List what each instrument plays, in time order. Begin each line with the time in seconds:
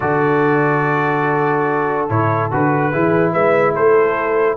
0.00 tuba D3, trombone F#4, horn A4, trumpet D5
2.09 tuba A2, trombone E4, trumpet C#5
2.51 tuba D3, trombone F#4, trumpet B4
2.91 tuba E3, trombone E4, horn G#4
3.32 tuba G#3, horn B4, trumpet E5
3.74 tuba A3, horn A4, trumpet C5